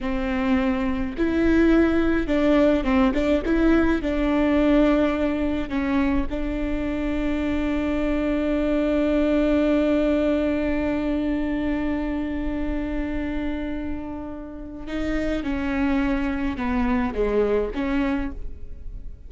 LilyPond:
\new Staff \with { instrumentName = "viola" } { \time 4/4 \tempo 4 = 105 c'2 e'2 | d'4 c'8 d'8 e'4 d'4~ | d'2 cis'4 d'4~ | d'1~ |
d'1~ | d'1~ | d'2 dis'4 cis'4~ | cis'4 b4 gis4 cis'4 | }